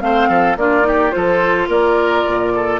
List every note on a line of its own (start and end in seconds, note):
0.00 0.29 A3
0.00 0.56 C4
0.00 0.29 C5
0.00 0.57 F5
0.29 0.56 F3
0.29 0.57 A4
0.56 1.12 A#3
0.56 0.82 D4
0.56 0.87 F4
0.56 1.12 D5
0.82 1.10 D#4
0.82 1.15 G4
1.11 1.68 F3
1.11 2.79 F4
1.11 1.68 A4
1.11 1.68 C5
1.68 2.24 A#3
1.68 2.52 A#4
1.68 2.80 D5
2.27 2.80 A#2
2.54 2.80 A4